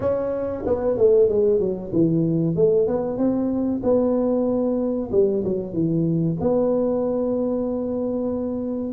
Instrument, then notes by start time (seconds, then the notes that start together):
tuba
0.00 C#4
0.66 B3
0.97 A3
1.29 G#3
1.59 F#3
1.92 E3
2.55 A3
2.87 B3
3.17 C4
3.83 B3
5.11 G3
5.44 F#3
5.73 E3
6.40 B3